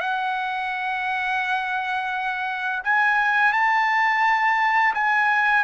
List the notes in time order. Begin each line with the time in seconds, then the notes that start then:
0.00 F#5
2.84 G#5
3.52 A5
4.94 G#5